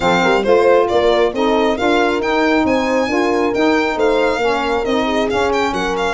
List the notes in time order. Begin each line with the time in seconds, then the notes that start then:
0.00 F3 C4 A4 F5
0.22 G3 A#4
0.43 A3 F4 C5
0.88 A#3 A#4 D5
1.33 C4 D#4 A4 D#5
1.76 D4 F4 A#4 F5
2.19 D#4 G5
2.64 C4 C5 G#5
3.07 D4 F4 A#4
3.53 D#4 G5
3.95 A3 C5 F5
4.37 A#3 C#4 A#4
4.84 C4 D#4 D#5
5.05 G#4
5.29 C#4 F5
5.52 G5
5.72 F#3 A#4 F#5
5.96 F5